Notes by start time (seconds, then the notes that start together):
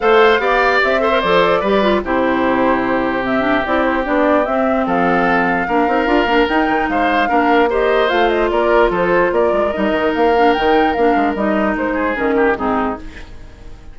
0.00 A3 A4 C5 F5
0.39 B3 G4 D5
0.83 C4 E5
0.99 A4 C5
1.11 A#4
1.20 F3 A4 D5
1.60 G3 G4 B4
1.82 F4
2.03 C3 E4 G4 C5
3.22 C4 E5
3.40 D4
3.66 C4 E4 D5
3.83 C5
4.03 B3 D4 D5
4.45 C4 E5
4.85 F3 A4 F5
5.67 A#3 D4 A#4
5.87 C4 D#4
6.06 D4 F4
6.25 A#3 D4
6.47 D#4 G5
6.68 D#3
6.88 G#3 C5 F5
7.28 A#3 D4 A#4
7.69 G4 C5 D#5
8.08 A3 F4 F5
8.28 D#5
8.49 A#3 A#4 D5
8.90 F3 A4 C5
9.32 A#3 A#4 D5
9.52 G#3
9.72 G3 D#4 D#5
9.91 D#3
10.14 A#3 F5
10.36 D4
10.53 D#3 D#4 G5
10.93 A#3 D4 F5
11.15 G#3
11.34 G3 D#4 D#5
11.75 G#3 C5
11.93 G#4
12.14 D#3 C#4 A#4
12.36 G4
12.55 G#2 C4 D#4 G#4